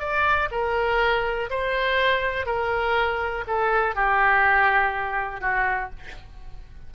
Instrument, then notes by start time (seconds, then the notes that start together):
oboe
0.00 D5
0.52 A#4
1.50 C5
2.47 A#4
3.48 A4
3.96 G4
5.41 F#4